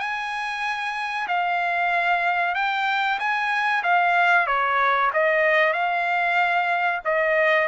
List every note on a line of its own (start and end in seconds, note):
0.00 1.28 G#5
1.28 2.55 F5
2.55 3.19 G5
3.19 3.83 G#5
3.84 4.47 F5
4.47 5.11 C#5
5.14 5.74 D#5
5.74 7.01 F5
7.05 7.68 D#5